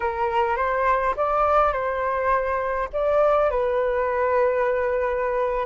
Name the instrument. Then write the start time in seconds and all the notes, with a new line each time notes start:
flute
0.00 A#4
0.56 C5
1.16 D5
1.72 C5
2.93 D5
3.50 B4